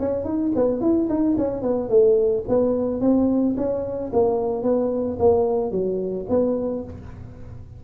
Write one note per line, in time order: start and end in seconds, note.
0.00 0.25 C#4
0.25 0.52 D#4
0.55 0.81 B3
0.81 1.08 E4
1.09 1.37 D#4
1.38 1.62 C#4
1.62 1.89 B3
1.89 2.44 A3
2.49 3.01 B3
3.01 3.56 C4
3.57 4.12 C#4
4.13 4.63 A#3
4.63 5.18 B3
5.19 5.72 A#3
5.72 6.26 F#3
6.29 6.84 B3